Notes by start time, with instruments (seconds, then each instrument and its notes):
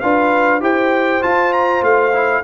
0.00 tuba D4, trombone F4, horn B4, trumpet F5
0.60 tuba E4, trombone G4, horn C5, trumpet G5
1.21 trombone F4, tuba F4, trumpet A5
1.53 trumpet A#5
1.82 tuba A3, trumpet F5
2.13 trombone E4